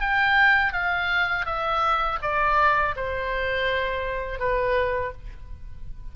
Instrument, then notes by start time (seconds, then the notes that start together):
oboe
0.00 G5
0.73 F5
1.46 E5
2.22 D5
2.96 C5
4.39 B4